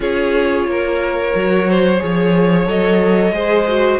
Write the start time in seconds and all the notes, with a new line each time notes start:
0.00 C#4 F4 G#4 C#5
0.66 A#3 A#4
1.34 F#3 F#4
1.69 C5
1.99 F3 G#4 C#5
2.66 F#3 A4 D#5
3.31 G#3 G#4 C5
3.68 F#4